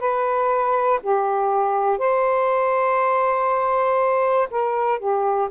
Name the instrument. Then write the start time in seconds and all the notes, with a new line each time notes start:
saxophone
0.00 B4
1.03 G4
1.99 C5
4.50 A#4
4.99 G4